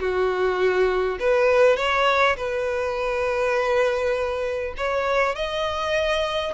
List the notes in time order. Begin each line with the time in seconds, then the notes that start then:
0.00 F#4
1.20 B4
1.77 C#5
2.37 B4
4.77 C#5
5.35 D#5